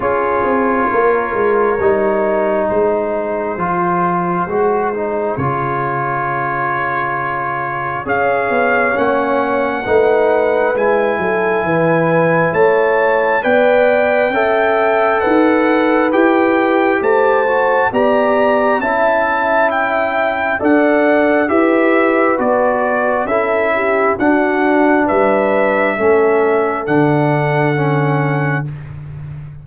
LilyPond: <<
  \new Staff \with { instrumentName = "trumpet" } { \time 4/4 \tempo 4 = 67 cis''2. c''4~ | c''2 cis''2~ | cis''4 f''4 fis''2 | gis''2 a''4 g''4~ |
g''4 fis''4 g''4 a''4 | ais''4 a''4 g''4 fis''4 | e''4 d''4 e''4 fis''4 | e''2 fis''2 | }
  \new Staff \with { instrumentName = "horn" } { \time 4/4 gis'4 ais'2 gis'4~ | gis'1~ | gis'4 cis''2 b'4~ | b'8 a'8 b'4 cis''4 d''4 |
e''4 b'2 c''4 | d''4 e''2 d''4 | b'2 a'8 g'8 fis'4 | b'4 a'2. | }
  \new Staff \with { instrumentName = "trombone" } { \time 4/4 f'2 dis'2 | f'4 fis'8 dis'8 f'2~ | f'4 gis'4 cis'4 dis'4 | e'2. b'4 |
a'2 g'4. fis'8 | g'4 e'2 a'4 | g'4 fis'4 e'4 d'4~ | d'4 cis'4 d'4 cis'4 | }
  \new Staff \with { instrumentName = "tuba" } { \time 4/4 cis'8 c'8 ais8 gis8 g4 gis4 | f4 gis4 cis2~ | cis4 cis'8 b8 ais4 a4 | gis8 fis8 e4 a4 b4 |
cis'4 dis'4 e'4 a4 | b4 cis'2 d'4 | e'4 b4 cis'4 d'4 | g4 a4 d2 | }
>>